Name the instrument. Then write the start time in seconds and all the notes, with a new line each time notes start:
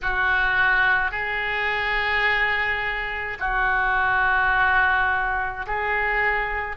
oboe
0.02 F#4
1.11 G#4
3.39 F#4
5.67 G#4